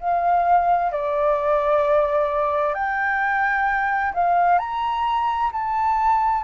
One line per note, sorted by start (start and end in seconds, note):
0.00 0.92 F5
0.92 2.74 D5
2.74 4.13 G5
4.14 4.59 F5
4.59 5.51 A#5
5.52 6.44 A5